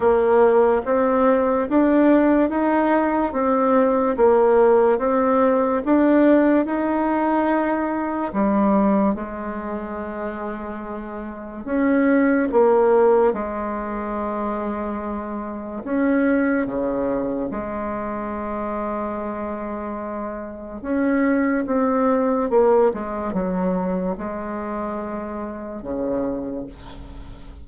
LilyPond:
\new Staff \with { instrumentName = "bassoon" } { \time 4/4 \tempo 4 = 72 ais4 c'4 d'4 dis'4 | c'4 ais4 c'4 d'4 | dis'2 g4 gis4~ | gis2 cis'4 ais4 |
gis2. cis'4 | cis4 gis2.~ | gis4 cis'4 c'4 ais8 gis8 | fis4 gis2 cis4 | }